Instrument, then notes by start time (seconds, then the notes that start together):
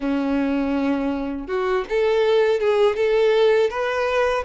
violin
0.00 C#4
1.47 F#4
1.89 A4
2.60 G#4
2.96 A4
3.69 B4